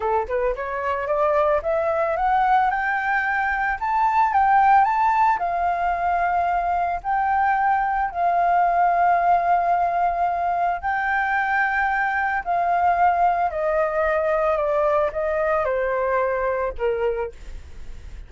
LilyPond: \new Staff \with { instrumentName = "flute" } { \time 4/4 \tempo 4 = 111 a'8 b'8 cis''4 d''4 e''4 | fis''4 g''2 a''4 | g''4 a''4 f''2~ | f''4 g''2 f''4~ |
f''1 | g''2. f''4~ | f''4 dis''2 d''4 | dis''4 c''2 ais'4 | }